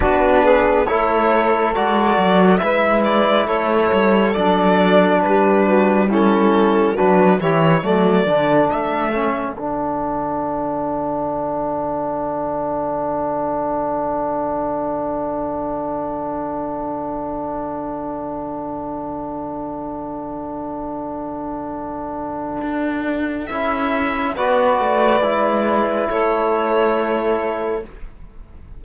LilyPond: <<
  \new Staff \with { instrumentName = "violin" } { \time 4/4 \tempo 4 = 69 b'4 cis''4 d''4 e''8 d''8 | cis''4 d''4 b'4 a'4 | b'8 cis''8 d''4 e''4 fis''4~ | fis''1~ |
fis''1~ | fis''1~ | fis''2. e''4 | d''2 cis''2 | }
  \new Staff \with { instrumentName = "saxophone" } { \time 4/4 fis'8 gis'8 a'2 b'4 | a'2 g'8 fis'8 e'4 | fis'8 g'8 a'2.~ | a'1~ |
a'1~ | a'1~ | a'1 | b'2 a'2 | }
  \new Staff \with { instrumentName = "trombone" } { \time 4/4 d'4 e'4 fis'4 e'4~ | e'4 d'2 cis'4 | d'8 e'8 a8 d'4 cis'8 d'4~ | d'1~ |
d'1~ | d'1~ | d'2. e'4 | fis'4 e'2. | }
  \new Staff \with { instrumentName = "cello" } { \time 4/4 b4 a4 gis8 fis8 gis4 | a8 g8 fis4 g2 | fis8 e8 fis8 d8 a4 d4~ | d1~ |
d1~ | d1~ | d2 d'4 cis'4 | b8 a8 gis4 a2 | }
>>